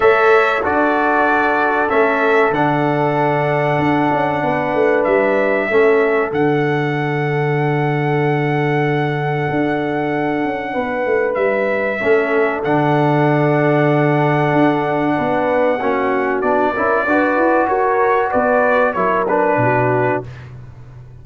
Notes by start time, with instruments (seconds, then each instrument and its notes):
0.00 tuba A3, trombone A4, horn C#5, trumpet E5
0.62 tuba D4, trombone F#4, horn A4, trumpet D5
1.88 tuba A3, trombone C#4, trumpet E5
2.50 tuba D3, trombone D4, trumpet F#5
3.79 tuba D4
4.11 tuba C#4
4.42 tuba B3, horn B4
4.74 tuba A3
5.03 tuba G3, trumpet E5
5.70 tuba A3, trombone C#4, horn A4
6.31 tuba D3, trombone D4, trumpet F#5
9.49 tuba D4
10.44 tuba C#4
10.72 tuba B3, horn B4
11.05 tuba A3
11.34 tuba G3, trumpet E5
12.00 tuba A3, trombone C#4, horn A4
12.63 tuba D3, trombone D4, trumpet F#5
14.52 tuba D4
15.16 tuba B3, horn B4
15.80 tuba A#3, trombone C#4, horn F#4
16.41 tuba B3, trombone D4, trumpet D5
16.72 tuba C#4, trombone E4, horn A#4
17.05 tuba D4, trombone F#4, horn B4
17.36 tuba E4
17.67 tuba F#4, horn A#4, trumpet C#5
18.31 tuba B3, horn B4, trumpet D5
18.93 tuba F#3, trombone E4, horn A#4, trumpet C#5
19.28 trombone D4, trumpet B4
19.56 tuba B2, horn F#4